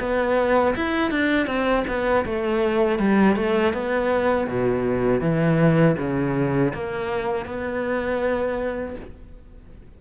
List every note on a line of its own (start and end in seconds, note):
0.00 0.75 B3
0.76 1.11 E4
1.11 1.47 D4
1.47 1.84 C4
1.88 2.25 B3
2.26 2.99 A3
2.99 3.36 G3
3.36 3.74 A3
3.74 4.48 B3
4.48 5.21 B2
5.21 5.96 E3
5.98 6.73 C#3
6.74 7.46 A#3
7.46 8.96 B3